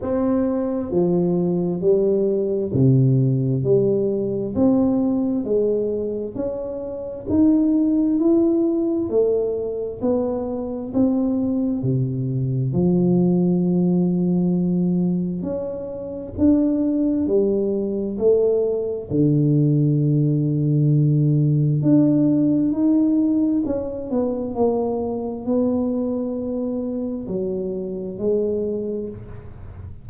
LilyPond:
\new Staff \with { instrumentName = "tuba" } { \time 4/4 \tempo 4 = 66 c'4 f4 g4 c4 | g4 c'4 gis4 cis'4 | dis'4 e'4 a4 b4 | c'4 c4 f2~ |
f4 cis'4 d'4 g4 | a4 d2. | d'4 dis'4 cis'8 b8 ais4 | b2 fis4 gis4 | }